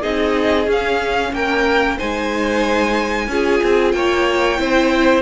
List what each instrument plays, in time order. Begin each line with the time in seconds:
0.00 cello C4, viola D#4, violin G#4 D#5
0.66 cello C#4, viola C#4, violin F5
1.32 cello A#3, violin A#4 G5
1.97 cello G#3, viola D#4, violin C5 G#5
3.27 cello C#4, viola F4, violin G#4
3.63 cello C4
3.91 cello A#3, violin C#5 G5
4.57 cello C4, viola E4, violin C5